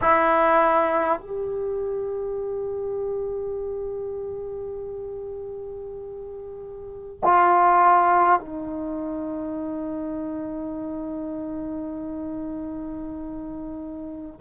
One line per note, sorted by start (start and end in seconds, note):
0.01 1.19 E4
1.19 7.19 G4
7.23 8.39 F4
8.39 14.39 D#4